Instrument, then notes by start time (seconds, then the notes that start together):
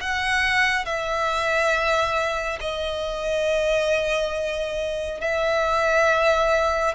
violin
0.00 F#5
0.85 E5
2.60 D#5
5.21 E5